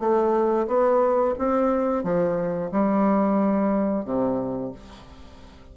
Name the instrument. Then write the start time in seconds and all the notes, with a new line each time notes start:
bassoon
0.00 A3
0.68 B3
1.39 C4
2.04 F3
2.72 G3
4.05 C3